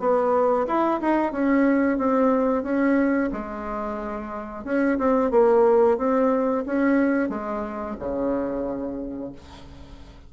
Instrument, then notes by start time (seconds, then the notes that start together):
bassoon
0.00 B3
0.67 E4
1.01 D#4
1.32 C#4
1.98 C4
2.64 C#4
3.33 G#3
4.65 C#4
4.99 C4
5.31 A#3
5.98 C4
6.66 C#4
7.30 G#3
8.00 C#3